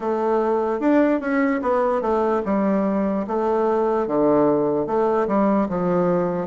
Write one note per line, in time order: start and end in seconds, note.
0.00 0.80 A3
0.80 1.20 D4
1.20 1.60 C#4
1.61 2.01 B3
2.01 2.42 A3
2.45 3.26 G3
3.27 4.07 A3
4.07 4.86 D3
4.86 5.27 A3
5.27 5.68 G3
5.68 6.47 F3